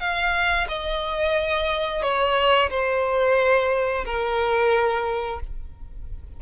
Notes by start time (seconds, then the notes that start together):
0.00 F5
0.68 D#5
2.03 C#5
2.70 C5
4.05 A#4